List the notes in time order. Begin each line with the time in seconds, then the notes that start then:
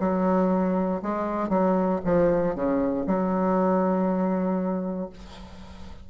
0.00 F#3
1.03 G#3
1.49 F#3
2.05 F3
2.55 C#3
3.07 F#3